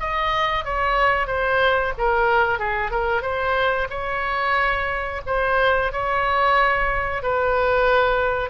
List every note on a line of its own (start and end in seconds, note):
0.00 0.65 D#5
0.65 1.27 C#5
1.27 1.93 C5
1.98 2.59 A#4
2.59 2.91 G#4
2.91 3.22 A#4
3.22 3.88 C5
3.90 5.22 C#5
5.27 5.93 C5
5.93 7.23 C#5
7.23 8.50 B4